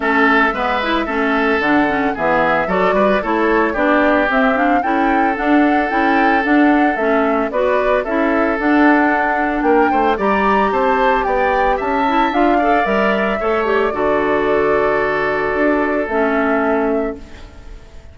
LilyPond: <<
  \new Staff \with { instrumentName = "flute" } { \time 4/4 \tempo 4 = 112 e''2. fis''4 | e''4 d''4 cis''4 d''4 | e''8 f''8 g''4 fis''4 g''4 | fis''4 e''4 d''4 e''4 |
fis''2 g''4 ais''4 | a''4 g''4 a''4 f''4 | e''4. d''2~ d''8~ | d''2 e''2 | }
  \new Staff \with { instrumentName = "oboe" } { \time 4/4 a'4 b'4 a'2 | gis'4 a'8 b'8 a'4 g'4~ | g'4 a'2.~ | a'2 b'4 a'4~ |
a'2 ais'8 c''8 d''4 | c''4 d''4 e''4. d''8~ | d''4 cis''4 a'2~ | a'1 | }
  \new Staff \with { instrumentName = "clarinet" } { \time 4/4 cis'4 b8 e'8 cis'4 d'8 cis'8 | b4 fis'4 e'4 d'4 | c'8 d'8 e'4 d'4 e'4 | d'4 cis'4 fis'4 e'4 |
d'2. g'4~ | g'2~ g'8 e'8 f'8 a'8 | ais'4 a'8 g'8 fis'2~ | fis'2 cis'2 | }
  \new Staff \with { instrumentName = "bassoon" } { \time 4/4 a4 gis4 a4 d4 | e4 fis8 g8 a4 b4 | c'4 cis'4 d'4 cis'4 | d'4 a4 b4 cis'4 |
d'2 ais8 a8 g4 | c'4 b4 cis'4 d'4 | g4 a4 d2~ | d4 d'4 a2 | }
>>